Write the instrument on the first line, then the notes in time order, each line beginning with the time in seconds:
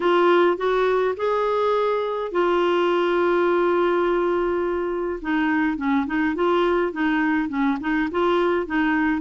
clarinet
0.00 F4
0.57 F#4
1.16 G#4
2.31 F4
5.21 D#4
5.77 C#4
6.06 D#4
6.35 F4
6.92 D#4
7.48 C#4
7.80 D#4
8.11 F4
8.66 D#4